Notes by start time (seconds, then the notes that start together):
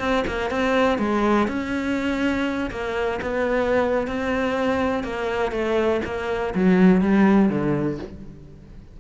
0.00 C4
0.27 A#3
0.51 C4
0.99 G#3
1.48 C#4
2.71 A#3
3.22 B3
4.08 C4
5.04 A#3
5.52 A3
6.05 A#3
6.55 F#3
7.01 G3
7.50 D3